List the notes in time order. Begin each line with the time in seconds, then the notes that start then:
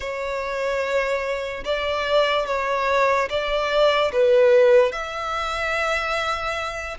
0.00 C#5
1.64 D5
2.46 C#5
3.29 D5
4.12 B4
4.92 E5